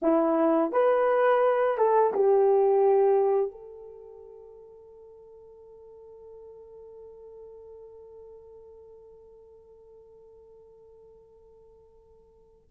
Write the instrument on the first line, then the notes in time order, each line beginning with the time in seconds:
horn
0.02 E4
0.72 B4
1.77 A4
2.13 G4
3.51 A4